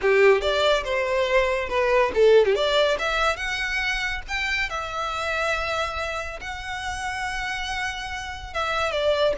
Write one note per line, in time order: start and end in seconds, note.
0.01 0.41 G4
0.41 0.83 D5
0.83 1.68 C5
1.68 2.11 B4
2.14 2.45 A4
2.45 2.55 G4
2.55 2.97 D5
2.98 3.36 E5
3.36 4.21 F#5
4.28 4.69 G5
4.69 6.39 E5
6.40 8.53 F#5
8.53 8.91 E5
8.91 9.34 D5